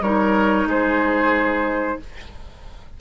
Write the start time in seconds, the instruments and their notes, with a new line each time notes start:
0.00 bassoon G3, clarinet D#4, oboe A#4, flute C#5
0.65 bassoon G#3, oboe G#4, flute C5